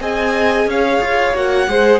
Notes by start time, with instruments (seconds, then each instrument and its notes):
0.00 cello C4, viola G#4, violin D#5 G#5
0.66 cello C#4, violin C#5 F5
1.01 cello F4
1.33 cello A#3, viola F#4, violin F#5
1.68 cello G#3, viola G#4, violin C5